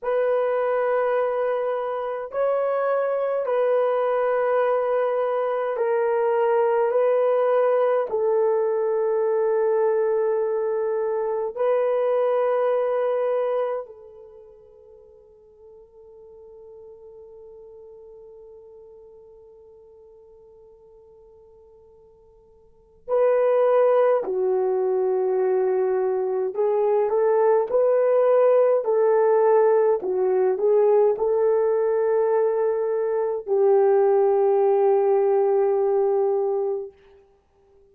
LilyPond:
\new Staff \with { instrumentName = "horn" } { \time 4/4 \tempo 4 = 52 b'2 cis''4 b'4~ | b'4 ais'4 b'4 a'4~ | a'2 b'2 | a'1~ |
a'1 | b'4 fis'2 gis'8 a'8 | b'4 a'4 fis'8 gis'8 a'4~ | a'4 g'2. | }